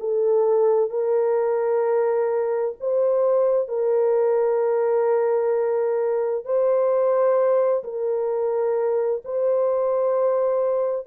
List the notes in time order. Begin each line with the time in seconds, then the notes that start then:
0.00 A4
0.91 A#4
2.81 C5
3.69 A#4
6.45 C5
7.84 A#4
9.25 C5